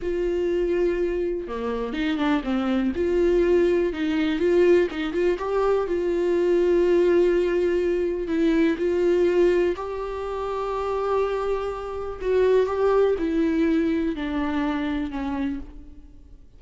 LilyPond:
\new Staff \with { instrumentName = "viola" } { \time 4/4 \tempo 4 = 123 f'2. ais4 | dis'8 d'8 c'4 f'2 | dis'4 f'4 dis'8 f'8 g'4 | f'1~ |
f'4 e'4 f'2 | g'1~ | g'4 fis'4 g'4 e'4~ | e'4 d'2 cis'4 | }